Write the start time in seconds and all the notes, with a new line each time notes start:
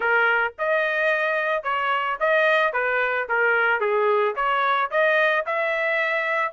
0.00 A#4
0.58 D#5
1.63 C#5
2.20 D#5
2.72 B4
3.28 A#4
3.80 G#4
4.35 C#5
4.90 D#5
5.46 E5